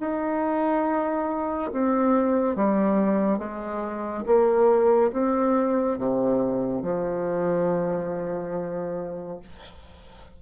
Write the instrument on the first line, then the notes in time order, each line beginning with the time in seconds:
bassoon
0.00 D#4
1.72 C4
2.56 G3
3.39 G#3
4.26 A#3
5.13 C4
5.98 C3
6.82 F3